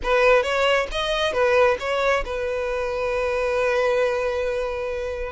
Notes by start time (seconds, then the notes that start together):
0.03 B4
0.42 C#5
0.91 D#5
1.32 B4
1.79 C#5
2.25 B4